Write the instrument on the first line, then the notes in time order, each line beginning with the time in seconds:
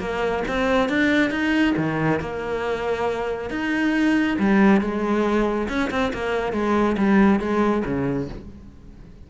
cello
0.00 A#3
0.48 C4
0.89 D4
1.31 D#4
1.77 D#3
2.20 A#3
3.51 D#4
4.40 G3
4.81 G#3
5.69 C#4
5.91 C4
6.14 A#3
6.53 G#3
6.98 G3
7.40 G#3
7.86 C#3